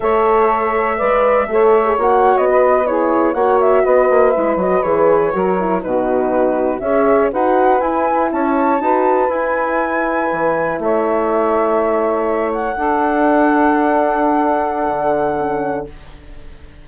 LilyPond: <<
  \new Staff \with { instrumentName = "flute" } { \time 4/4 \tempo 4 = 121 e''1 | fis''8. dis''4 cis''4 fis''8 e''8 dis''16~ | dis''8. e''8 dis''8 cis''2 b'16~ | b'4.~ b'16 e''4 fis''4 gis''16~ |
gis''8. a''2 gis''4~ gis''16~ | gis''4.~ gis''16 e''2~ e''16~ | e''4~ e''16 fis''2~ fis''8.~ | fis''1 | }
  \new Staff \with { instrumentName = "saxophone" } { \time 4/4 cis''2 d''4 cis''4~ | cis''4 b'8. gis'4 cis''4 b'16~ | b'2~ b'8. ais'4 fis'16~ | fis'4.~ fis'16 cis''4 b'4~ b'16~ |
b'8. cis''4 b'2~ b'16~ | b'4.~ b'16 cis''2~ cis''16~ | cis''4.~ cis''16 a'2~ a'16~ | a'1 | }
  \new Staff \with { instrumentName = "horn" } { \time 4/4 a'2 b'4 a'8. gis'16 | fis'4.~ fis'16 e'4 fis'4~ fis'16~ | fis'8. e'8 fis'8 gis'4 fis'8 e'8 dis'16~ | dis'4.~ dis'16 gis'4 fis'4 e'16~ |
e'4.~ e'16 fis'4 e'4~ e'16~ | e'1~ | e'4.~ e'16 d'2~ d'16~ | d'2. cis'4 | }
  \new Staff \with { instrumentName = "bassoon" } { \time 4/4 a2 gis4 a4 | ais8. b2 ais4 b16~ | b16 ais8 gis8 fis8 e4 fis4 b,16~ | b,4.~ b,16 cis'4 dis'4 e'16~ |
e'8. cis'4 dis'4 e'4~ e'16~ | e'8. e4 a2~ a16~ | a4.~ a16 d'2~ d'16~ | d'2 d2 | }
>>